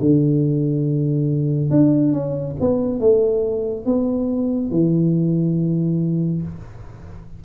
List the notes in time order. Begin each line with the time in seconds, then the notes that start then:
0.00 D3
1.70 D4
2.12 C#4
2.60 B3
3.00 A3
3.85 B3
4.70 E3